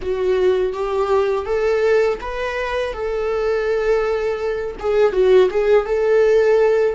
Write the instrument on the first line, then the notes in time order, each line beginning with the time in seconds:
viola
0.01 F#4
0.73 G4
1.45 A4
2.21 B4
2.93 A4
4.79 G#4
5.12 F#4
5.50 G#4
5.85 A4